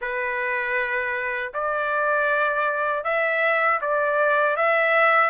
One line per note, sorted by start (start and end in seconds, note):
0.01 1.53 B4
1.53 3.04 D5
3.04 3.80 E5
3.81 4.56 D5
4.56 5.30 E5